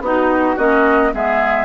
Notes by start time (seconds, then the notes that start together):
0.00 B3 D#4 F#4
0.56 A#3 C#4 F#4 D#5
1.12 G#3 B3 G#4 E5